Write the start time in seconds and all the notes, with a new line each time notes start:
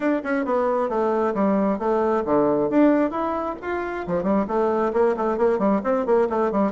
0.00 D4
0.23 C#4
0.45 B3
0.89 A3
1.34 G3
1.78 A3
2.25 D3
2.70 D4
3.11 E4
3.61 F4
4.07 F3
4.23 G3
4.47 A3
4.93 A#3
5.16 A3
5.37 A#3
5.58 G3
5.83 C4
6.05 A#3
6.29 A3
6.51 G3